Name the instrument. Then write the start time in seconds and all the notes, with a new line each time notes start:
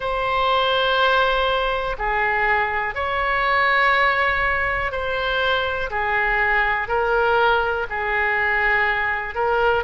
oboe
0.00 C5
1.98 G#4
2.95 C#5
4.91 C5
5.90 G#4
6.88 A#4
7.89 G#4
9.34 A#4